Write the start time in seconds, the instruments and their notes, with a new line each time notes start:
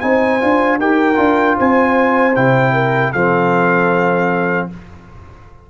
0.00 tuba C4, trombone D#4, horn C5, trumpet G#5
0.40 tuba D4, trombone F4
0.78 tuba D#4, trombone G4, horn A#4, trumpet G5
1.15 tuba D4, trombone F4
1.57 tuba C4, horn C5, trumpet G#5
2.35 tuba C3, trombone E4, trumpet G5
2.73 horn A#4
3.11 tuba F3, trombone C4, horn A4, trumpet F5